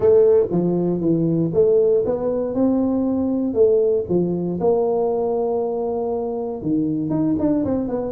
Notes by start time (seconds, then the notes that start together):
0.00 A3
0.51 F3
1.00 E3
1.53 A3
2.05 B3
2.54 C4
3.54 A3
4.08 F3
4.60 A#3
6.61 D#3
7.09 D#4
7.39 D4
7.65 C4
7.88 B3